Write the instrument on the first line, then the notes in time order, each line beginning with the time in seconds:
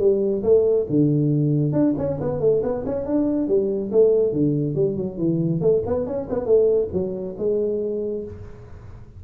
tuba
0.00 G3
0.43 A3
0.90 D3
1.73 D4
1.98 C#4
2.21 B3
2.41 A3
2.63 B3
2.86 C#4
3.06 D4
3.48 G3
3.92 A3
4.33 D3
4.75 G3
4.97 F#3
5.18 E3
5.62 A3
5.86 B3
6.07 C#4
6.30 B3
6.46 A3
6.94 F#3
7.39 G#3